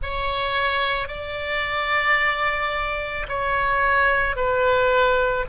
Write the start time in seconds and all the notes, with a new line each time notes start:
0.02 C#5
1.08 D5
3.28 C#5
4.36 B4